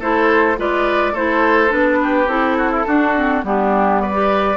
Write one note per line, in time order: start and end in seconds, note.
0.00 0.57 A3
0.00 0.57 E4
0.00 0.57 A4
0.00 0.59 C5
0.57 1.14 G#3
0.57 1.14 F4
0.57 1.13 B4
0.57 1.16 D5
1.13 1.71 A3
1.13 1.69 E4
1.13 1.99 A4
1.13 1.72 C5
1.69 2.27 B3
1.69 2.26 D4
1.69 2.29 B4
2.03 2.58 G4
2.27 2.84 C4
2.27 2.86 E4
2.27 3.43 A4
2.58 2.71 F#4
2.71 2.85 E4
2.86 3.15 D4
2.86 3.44 D4
2.86 3.45 F#4
3.15 3.43 C4
3.43 4.57 G3
3.43 4.13 B3
3.43 4.02 D4
3.43 4.01 G4
4.01 4.57 B4
4.01 4.57 D5
4.13 4.56 G4